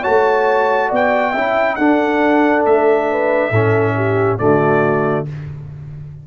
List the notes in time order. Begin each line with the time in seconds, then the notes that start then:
0.00 F#4 C#5 A5
0.06 A3
0.88 B3 D5
0.95 G5
1.31 C#4 E4 E5
1.75 D4 A4 F#5
2.65 A3 E5
3.11 B4
3.50 A2 C#4 A4
3.96 G4
4.38 D3 A3 F#4 D5